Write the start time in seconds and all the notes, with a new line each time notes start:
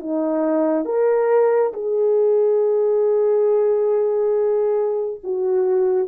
0.00 D#4
0.85 A#4
1.73 G#4
5.24 F#4